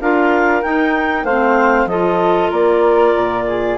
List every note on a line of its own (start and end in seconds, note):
0.00 0.63 D4
0.00 0.62 F4
0.00 1.24 A#4
0.00 0.62 F5
0.62 1.25 D#4
0.62 1.24 D#4
0.62 1.24 G5
1.24 1.86 A3
1.24 1.89 C4
1.24 1.88 C5
1.24 1.87 F5
1.86 2.49 F3
1.86 3.78 F4
1.86 2.49 A4
1.86 2.50 D#5
2.49 3.14 A#3
2.49 3.44 A#4
2.49 3.78 D5
3.16 3.78 A#2
3.47 3.78 G#4